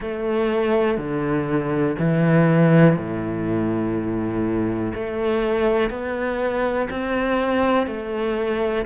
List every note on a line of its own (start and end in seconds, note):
0.00 0.97 A3
0.97 1.95 D3
1.99 2.96 E3
2.96 4.93 A2
4.94 5.90 A3
5.90 6.88 B3
6.89 7.86 C4
7.86 8.85 A3